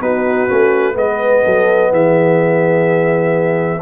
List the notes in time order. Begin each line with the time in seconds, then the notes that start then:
0.00 B3 D#4 F#4 B4
0.48 A3 C#4
0.93 G#3 B3 B4 D#5
1.43 F#3 A4
1.92 E3 G#4 E5